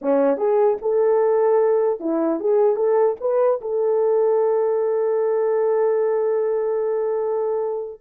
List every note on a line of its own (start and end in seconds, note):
0.01 0.37 C#4
0.37 0.77 G#4
0.81 2.00 A4
2.00 2.40 E4
2.40 2.76 G#4
2.76 3.16 A4
3.20 3.60 B4
3.61 8.00 A4